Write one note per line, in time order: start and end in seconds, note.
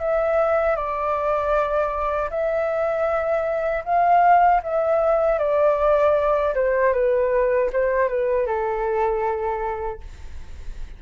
0.00 0.76 E5
0.76 2.30 D5
2.30 3.84 E5
3.85 4.62 F5
4.63 5.39 E5
5.39 6.54 D5
6.55 6.93 C5
6.93 7.70 B4
7.73 8.09 C5
8.09 8.47 B4
8.47 10.00 A4